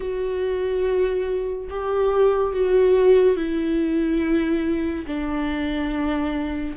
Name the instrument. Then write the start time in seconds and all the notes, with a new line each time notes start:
viola
0.00 F#4
1.69 G4
2.52 F#4
3.36 E4
5.06 D4